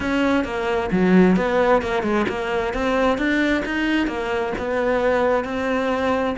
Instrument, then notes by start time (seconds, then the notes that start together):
cello
0.00 C#4
0.44 A#3
0.91 F#3
1.36 B3
1.82 A#3
2.02 G#3
2.28 A#3
2.73 C4
3.18 D4
3.65 D#4
4.07 A#3
4.58 B3
5.44 C4